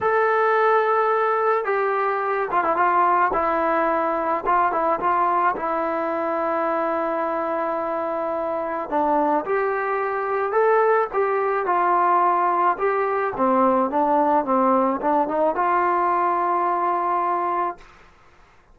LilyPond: \new Staff \with { instrumentName = "trombone" } { \time 4/4 \tempo 4 = 108 a'2. g'4~ | g'8 f'16 e'16 f'4 e'2 | f'8 e'8 f'4 e'2~ | e'1 |
d'4 g'2 a'4 | g'4 f'2 g'4 | c'4 d'4 c'4 d'8 dis'8 | f'1 | }